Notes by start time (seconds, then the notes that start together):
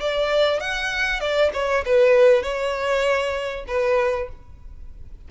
0.00 D5
0.60 F#5
1.20 D5
1.53 C#5
1.85 B4
2.42 C#5
3.67 B4